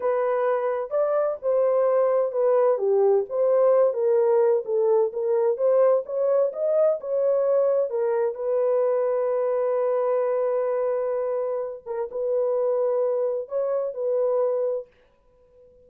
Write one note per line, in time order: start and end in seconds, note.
0.00 0.90 B4
0.90 1.37 D5
1.42 2.32 C5
2.32 2.78 B4
2.78 3.24 G4
3.29 3.93 C5
3.93 4.63 A#4
4.65 5.11 A4
5.12 5.57 A#4
5.57 6.03 C5
6.05 6.52 C#5
6.52 6.99 D#5
7.00 7.90 C#5
7.90 8.34 A#4
8.34 11.83 B4
11.86 12.09 A#4
12.11 13.48 B4
13.48 13.94 C#5
13.94 14.87 B4